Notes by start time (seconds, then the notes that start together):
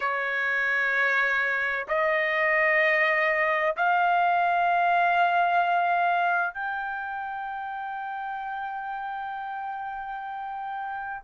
0.00 C#5
1.87 D#5
3.76 F5
6.54 G5